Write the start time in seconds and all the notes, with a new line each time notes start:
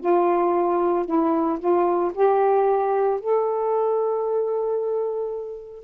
0.00 F4
1.05 E4
1.59 F4
2.14 G4
3.20 A4